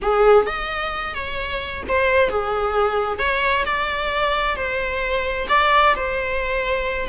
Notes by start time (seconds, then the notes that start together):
0.02 G#4
0.46 D#5
1.14 C#5
1.88 C5
2.29 G#4
3.18 C#5
3.65 D5
4.56 C5
5.48 D5
5.95 C5